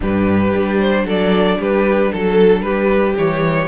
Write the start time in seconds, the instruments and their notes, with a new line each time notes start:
0.00 cello G2, viola D4, violin G4 B4
0.53 cello G3
0.79 violin C5
1.04 cello F#3, violin A4 D5
1.58 cello G3, violin G4 B4
2.12 cello F#3, violin A4
2.61 cello G3, violin G4 B4
3.15 cello E3, viola G3, violin C#5